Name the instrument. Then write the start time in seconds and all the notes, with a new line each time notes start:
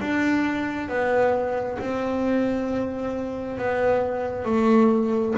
double bass
0.00 D4
0.89 B3
1.79 C4
3.58 B3
4.45 A3